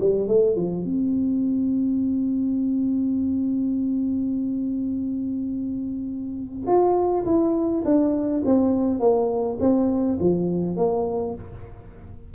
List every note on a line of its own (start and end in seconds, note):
0.00 0.28 G3
0.28 0.56 A3
0.56 0.84 F3
0.84 6.67 C4
6.67 7.25 F4
7.26 7.84 E4
7.85 8.43 D4
8.45 9.00 C4
9.00 9.58 A#3
9.60 10.18 C4
10.20 10.76 F3
10.76 11.35 A#3